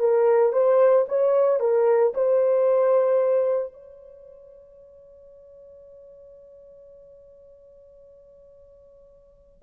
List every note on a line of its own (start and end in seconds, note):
0.00 0.53 A#4
0.53 1.07 C5
1.09 1.60 C#5
1.60 2.14 A#4
2.15 3.74 C5
3.74 9.63 C#5